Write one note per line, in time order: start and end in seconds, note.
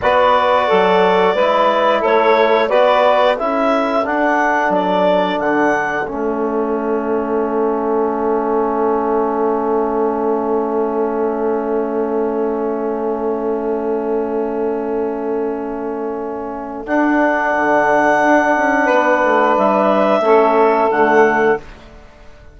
0.01 0.69 B3
0.01 1.36 F#4
0.01 0.67 B4
0.01 2.04 D5
0.67 1.35 F#3
0.67 1.34 A4
1.34 2.02 G#3
1.34 2.69 E4
1.34 1.99 B4
1.99 2.71 A3
1.99 2.66 A4
1.99 2.69 C#5
2.68 3.38 B3
2.68 3.37 F#4
2.68 3.35 B4
2.68 3.36 D5
3.38 4.06 C#4
3.38 4.03 E4
3.38 18.85 A4
3.38 4.05 E5
4.03 6.05 D4
4.03 4.69 D4
4.03 4.72 F#5
4.69 5.37 F#3
4.69 5.39 D5
5.39 6.07 D3
5.39 6.06 F#5
6.06 16.86 A3
6.06 16.86 C#4
6.06 16.85 E5
16.86 20.23 D4
16.86 17.54 D4
16.86 19.56 F#5
17.56 18.23 D3
18.23 18.56 D4
18.56 18.89 C#4
18.85 19.23 B3
18.85 20.19 B4
19.23 19.57 A3
19.57 20.19 G3
19.57 20.90 E5
20.19 20.87 A3
20.19 20.90 C#4
20.19 21.60 A4
20.90 21.57 D3
20.90 21.58 A3
20.90 21.58 F#5